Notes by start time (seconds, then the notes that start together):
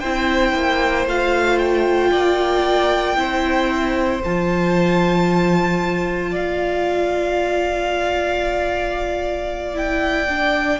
0.00 C4 E4 C5 G5
0.54 A#3
1.07 A3 F4 F5
1.59 G5
2.12 A#3 D5
3.16 C4 E4 C5
4.24 F3 F4 A5
6.32 A#3 D5 F5
9.74 E4 G5
10.29 D4